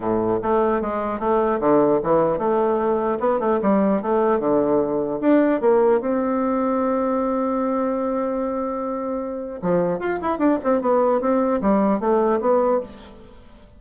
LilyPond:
\new Staff \with { instrumentName = "bassoon" } { \time 4/4 \tempo 4 = 150 a,4 a4 gis4 a4 | d4 e4 a2 | b8 a8 g4 a4 d4~ | d4 d'4 ais4 c'4~ |
c'1~ | c'1 | f4 f'8 e'8 d'8 c'8 b4 | c'4 g4 a4 b4 | }